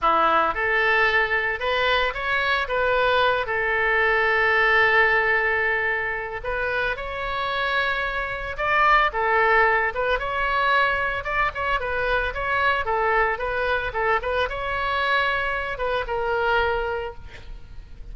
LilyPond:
\new Staff \with { instrumentName = "oboe" } { \time 4/4 \tempo 4 = 112 e'4 a'2 b'4 | cis''4 b'4. a'4.~ | a'1 | b'4 cis''2. |
d''4 a'4. b'8 cis''4~ | cis''4 d''8 cis''8 b'4 cis''4 | a'4 b'4 a'8 b'8 cis''4~ | cis''4. b'8 ais'2 | }